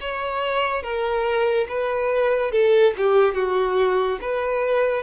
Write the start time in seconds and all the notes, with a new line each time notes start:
0.00 C#5
0.83 A#4
1.68 B4
2.51 A4
2.97 G4
3.34 F#4
4.21 B4